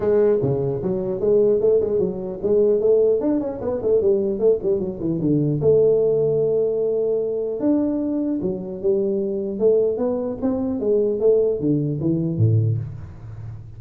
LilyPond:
\new Staff \with { instrumentName = "tuba" } { \time 4/4 \tempo 4 = 150 gis4 cis4 fis4 gis4 | a8 gis8 fis4 gis4 a4 | d'8 cis'8 b8 a8 g4 a8 g8 | fis8 e8 d4 a2~ |
a2. d'4~ | d'4 fis4 g2 | a4 b4 c'4 gis4 | a4 d4 e4 a,4 | }